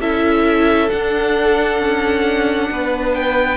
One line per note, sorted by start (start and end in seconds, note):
0.00 0.90 C#4
0.00 0.90 E4
0.00 2.69 A4
0.00 0.90 E5
0.90 3.57 D4
0.90 1.80 D4
0.90 3.14 F#5
1.80 2.69 C#4
2.71 3.57 B3
2.71 3.57 B4
3.15 3.57 G5